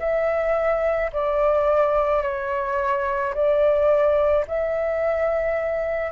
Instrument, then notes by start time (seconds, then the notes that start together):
flute
0.00 E5
1.13 D5
2.23 C#5
3.34 D5
4.47 E5